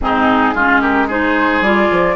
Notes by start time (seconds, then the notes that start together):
0.00 G#2 C4 D#4 G#4
0.54 G#3 C#4 F4
0.81 G4 A#4
1.07 D#4 G#4 C5
1.60 G3 F4 D5
1.91 F3